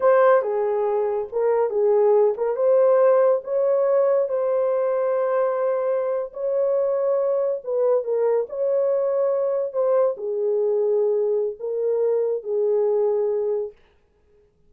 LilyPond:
\new Staff \with { instrumentName = "horn" } { \time 4/4 \tempo 4 = 140 c''4 gis'2 ais'4 | gis'4. ais'8 c''2 | cis''2 c''2~ | c''2~ c''8. cis''4~ cis''16~ |
cis''4.~ cis''16 b'4 ais'4 cis''16~ | cis''2~ cis''8. c''4 gis'16~ | gis'2. ais'4~ | ais'4 gis'2. | }